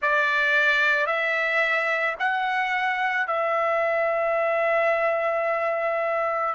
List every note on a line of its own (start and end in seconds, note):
0.01 1.06 D5
1.06 2.15 E5
2.19 3.27 F#5
3.27 6.54 E5